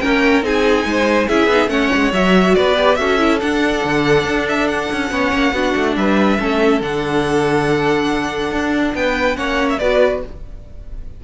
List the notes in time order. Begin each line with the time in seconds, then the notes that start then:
0.00 A#3 C#4 A#4 G5
0.42 C4 D#4 G#4 G#5
0.85 G#3 C5
1.28 C#4 E4 G#4 E5
1.46 B3 D#4
1.67 A3 C#4 C#5 F#5
1.95 G#3
2.13 F#3 F#4 E5
2.55 B3 B4 D5
2.76 G4
2.95 C#4 F#4 A4 E5
3.18 E4
3.40 D4 F#5
3.84 D3
4.24 D4
4.48 E5
4.68 F#5
4.92 C#4
5.10 B3 C#4 C#5
5.33 A#3
5.53 B3 D4 F#4
5.76 A3
5.96 G3 B4 E5
6.38 A3 C#4 A4
6.81 D3 D4 F#5
8.51 D4
8.94 B3 B4 G5
9.35 A#3 C#4 C#5 F#5
9.69 E5
9.78 B3 F#4 B4 D5